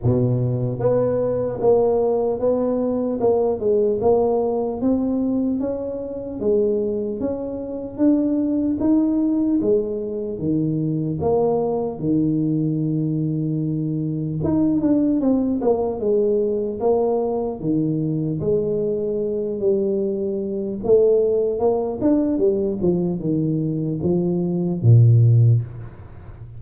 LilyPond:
\new Staff \with { instrumentName = "tuba" } { \time 4/4 \tempo 4 = 75 b,4 b4 ais4 b4 | ais8 gis8 ais4 c'4 cis'4 | gis4 cis'4 d'4 dis'4 | gis4 dis4 ais4 dis4~ |
dis2 dis'8 d'8 c'8 ais8 | gis4 ais4 dis4 gis4~ | gis8 g4. a4 ais8 d'8 | g8 f8 dis4 f4 ais,4 | }